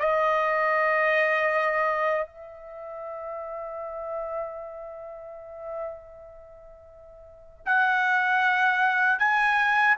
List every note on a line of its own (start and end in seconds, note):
0.00 2.27 D#5
2.27 7.65 E5
7.66 9.20 F#5
9.20 9.96 G#5